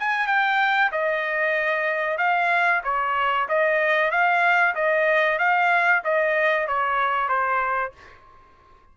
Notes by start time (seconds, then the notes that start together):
0.00 G#5
0.28 G5
0.92 D#5
2.18 F5
2.84 C#5
3.49 D#5
4.11 F5
4.75 D#5
5.39 F5
6.05 D#5
6.68 C#5
7.29 C5